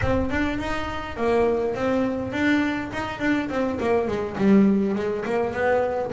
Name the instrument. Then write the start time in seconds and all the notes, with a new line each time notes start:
double bass
0.01 C4
0.30 D4
0.58 D#4
1.16 A#3
1.74 C4
2.32 D4
2.92 D#4
3.19 D4
3.49 C4
3.79 A#3
4.07 G#3
4.37 G3
4.95 G#3
5.25 A#3
5.53 B3